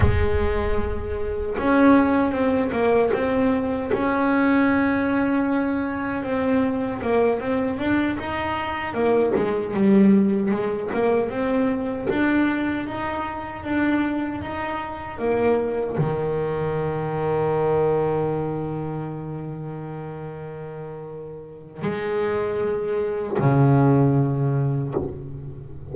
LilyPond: \new Staff \with { instrumentName = "double bass" } { \time 4/4 \tempo 4 = 77 gis2 cis'4 c'8 ais8 | c'4 cis'2. | c'4 ais8 c'8 d'8 dis'4 ais8 | gis8 g4 gis8 ais8 c'4 d'8~ |
d'8 dis'4 d'4 dis'4 ais8~ | ais8 dis2.~ dis8~ | dis1 | gis2 cis2 | }